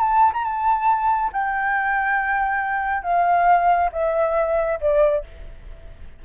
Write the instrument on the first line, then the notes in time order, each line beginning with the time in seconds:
flute
0.00 A5
0.33 A#5
0.44 A5
1.33 G5
3.03 F5
3.92 E5
4.81 D5